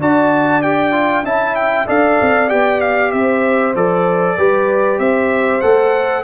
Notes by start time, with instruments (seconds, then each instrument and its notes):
0.00 tuba D4, trombone F#4, horn D5, trumpet A5
0.62 trombone G4, trumpet G5
0.92 trombone F4
1.24 tuba C#4, trombone E4, horn E5, trumpet A5
1.55 trumpet G5
1.86 tuba D4, trombone A4, horn D5, trumpet F5
2.21 tuba C4
2.48 tuba B3, trombone G4, trumpet G5
2.80 trumpet F5
3.11 tuba C4, horn C5, trumpet E5
3.75 tuba F3, trombone A4, trumpet D5
4.37 tuba G3, trombone G4, horn B4
4.99 tuba C4, horn C5, trumpet E5
5.61 tuba A3, trombone A4, trumpet F#5